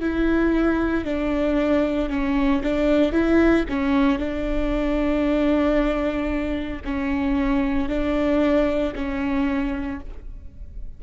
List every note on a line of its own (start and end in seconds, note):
0.00 1.05 E4
1.05 2.10 D4
2.10 2.62 C#4
2.63 3.12 D4
3.12 3.65 E4
3.69 4.19 C#4
4.19 6.82 D4
6.85 7.89 C#4
7.89 8.94 D4
8.95 10.00 C#4